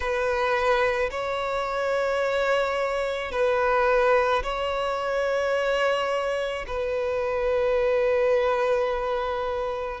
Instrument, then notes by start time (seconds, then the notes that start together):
violin
0.00 B4
1.11 C#5
3.31 B4
4.43 C#5
6.67 B4